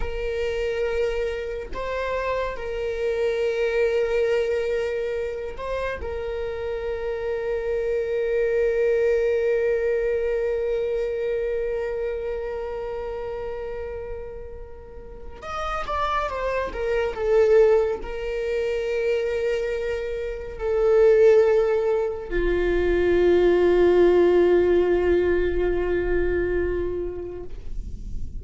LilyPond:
\new Staff \with { instrumentName = "viola" } { \time 4/4 \tempo 4 = 70 ais'2 c''4 ais'4~ | ais'2~ ais'8 c''8 ais'4~ | ais'1~ | ais'1~ |
ais'2 dis''8 d''8 c''8 ais'8 | a'4 ais'2. | a'2 f'2~ | f'1 | }